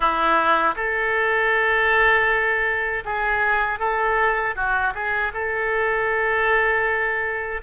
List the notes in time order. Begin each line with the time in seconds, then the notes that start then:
0.00 E4
0.76 A4
3.04 G#4
3.79 A4
4.55 F#4
4.94 G#4
5.33 A4